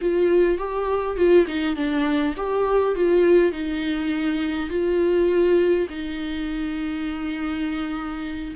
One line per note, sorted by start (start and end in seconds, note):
0.01 0.57 F4
0.57 1.16 G4
1.16 1.46 F4
1.47 1.76 D#4
1.76 2.34 D4
2.36 2.95 G4
2.95 3.52 F4
3.52 4.69 D#4
4.69 5.87 F4
5.89 8.54 D#4